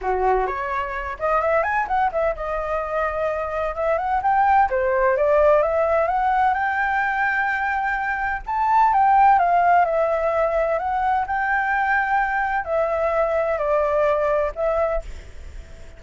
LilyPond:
\new Staff \with { instrumentName = "flute" } { \time 4/4 \tempo 4 = 128 fis'4 cis''4. dis''8 e''8 gis''8 | fis''8 e''8 dis''2. | e''8 fis''8 g''4 c''4 d''4 | e''4 fis''4 g''2~ |
g''2 a''4 g''4 | f''4 e''2 fis''4 | g''2. e''4~ | e''4 d''2 e''4 | }